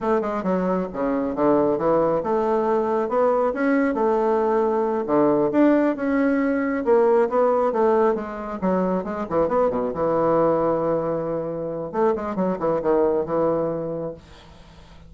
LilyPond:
\new Staff \with { instrumentName = "bassoon" } { \time 4/4 \tempo 4 = 136 a8 gis8 fis4 cis4 d4 | e4 a2 b4 | cis'4 a2~ a8 d8~ | d8 d'4 cis'2 ais8~ |
ais8 b4 a4 gis4 fis8~ | fis8 gis8 e8 b8 b,8 e4.~ | e2. a8 gis8 | fis8 e8 dis4 e2 | }